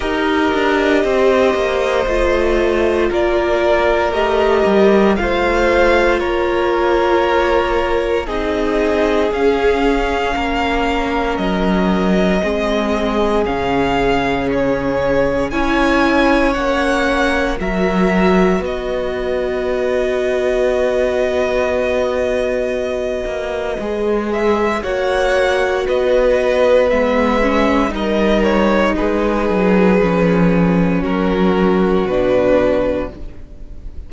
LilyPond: <<
  \new Staff \with { instrumentName = "violin" } { \time 4/4 \tempo 4 = 58 dis''2. d''4 | dis''4 f''4 cis''2 | dis''4 f''2 dis''4~ | dis''4 f''4 cis''4 gis''4 |
fis''4 e''4 dis''2~ | dis''2.~ dis''8 e''8 | fis''4 dis''4 e''4 dis''8 cis''8 | b'2 ais'4 b'4 | }
  \new Staff \with { instrumentName = "violin" } { \time 4/4 ais'4 c''2 ais'4~ | ais'4 c''4 ais'2 | gis'2 ais'2 | gis'2. cis''4~ |
cis''4 ais'4 b'2~ | b'1 | cis''4 b'2 ais'4 | gis'2 fis'2 | }
  \new Staff \with { instrumentName = "viola" } { \time 4/4 g'2 f'2 | g'4 f'2. | dis'4 cis'2. | c'4 cis'2 e'4 |
cis'4 fis'2.~ | fis'2. gis'4 | fis'2 b8 cis'8 dis'4~ | dis'4 cis'2 d'4 | }
  \new Staff \with { instrumentName = "cello" } { \time 4/4 dis'8 d'8 c'8 ais8 a4 ais4 | a8 g8 a4 ais2 | c'4 cis'4 ais4 fis4 | gis4 cis2 cis'4 |
ais4 fis4 b2~ | b2~ b8 ais8 gis4 | ais4 b4 gis4 g4 | gis8 fis8 f4 fis4 b,4 | }
>>